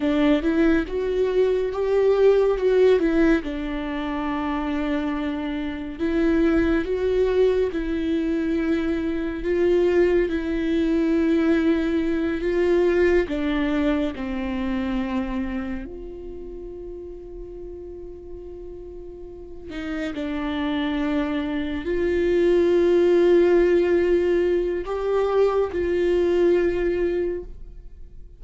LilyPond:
\new Staff \with { instrumentName = "viola" } { \time 4/4 \tempo 4 = 70 d'8 e'8 fis'4 g'4 fis'8 e'8 | d'2. e'4 | fis'4 e'2 f'4 | e'2~ e'8 f'4 d'8~ |
d'8 c'2 f'4.~ | f'2. dis'8 d'8~ | d'4. f'2~ f'8~ | f'4 g'4 f'2 | }